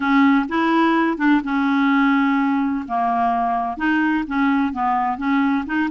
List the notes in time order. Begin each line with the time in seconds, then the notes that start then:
0.00 C#4
0.48 E4
1.17 D4
1.43 C#4
2.88 A#3
3.77 D#4
4.27 C#4
4.72 B3
5.17 C#4
5.65 D#4